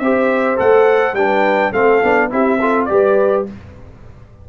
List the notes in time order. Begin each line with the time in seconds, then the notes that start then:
0.00 C4 G4 C5 E5
0.56 A3 A4 F#5
1.13 G3 D4 B4 G5
1.72 A3 C4 A4 F5
2.03 B3 D4
2.30 C4 E4 G4 E5
2.60 F4 A4
2.85 G3 G4 D5
2.92 B4